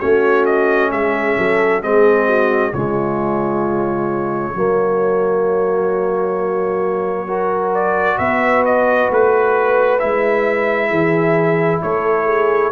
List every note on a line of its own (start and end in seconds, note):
0.00 0.91 A3
0.00 1.82 C#4
0.00 0.91 F#4
0.00 0.45 C#5
0.46 0.91 D#5
0.91 1.37 G#3
0.91 1.37 G#4
0.91 1.83 E5
1.37 1.83 F#3
1.37 1.83 A4
1.82 2.73 G#3
1.82 2.73 C4
1.82 2.27 G#4
1.82 2.74 D#5
2.27 2.72 F#4
2.74 4.55 C#3
2.74 4.55 G#3
2.74 4.56 F4
2.74 7.74 C#5
4.55 8.19 F#3
4.55 7.27 A#3
4.55 7.27 F#4
7.27 10.00 F#4
7.27 8.18 A#4
7.75 8.19 D5
8.19 9.10 B3
8.19 10.90 B4
8.19 8.64 E5
8.66 9.11 D#5
9.11 10.02 A3
9.11 10.00 B4
10.00 10.91 G#3
10.00 12.72 E4
10.00 11.81 E5
10.90 11.82 E3
10.90 11.80 G#4
11.82 12.72 A3
11.82 12.26 A4
11.82 12.72 C#5
12.26 12.72 G#4